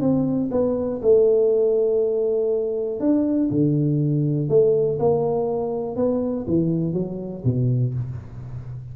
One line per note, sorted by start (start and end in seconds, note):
0.00 0.50 C4
0.51 1.01 B3
1.02 3.00 A3
3.00 3.49 D4
3.51 4.49 D3
4.49 4.98 A3
4.99 5.96 A#3
5.96 6.46 B3
6.47 6.93 E3
6.93 7.43 F#3
7.44 7.94 B2